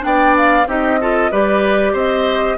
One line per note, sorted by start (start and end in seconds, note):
0.00 0.66 B3
0.00 0.64 D4
0.00 0.67 D5
0.00 0.35 G5
0.36 0.68 F5
0.66 1.30 C4
0.66 1.00 D#4
0.66 0.99 G4
0.66 1.31 D#5
1.00 1.32 F4
1.00 1.31 A4
1.31 1.93 G3
1.31 2.57 G4
1.31 1.92 B4
1.31 1.95 D5
1.92 2.57 C4
1.92 2.56 C5
1.92 2.57 D#5